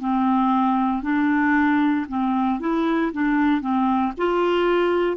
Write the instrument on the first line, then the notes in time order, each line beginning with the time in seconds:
clarinet
0.00 C4
1.03 D4
2.09 C4
2.61 E4
3.13 D4
3.62 C4
4.18 F4